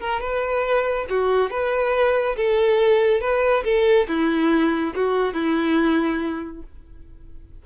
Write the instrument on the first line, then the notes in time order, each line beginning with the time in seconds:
violin
0.00 A#4
0.20 B4
1.10 F#4
1.51 B4
2.37 A4
3.21 B4
3.64 A4
4.08 E4
4.95 F#4
5.34 E4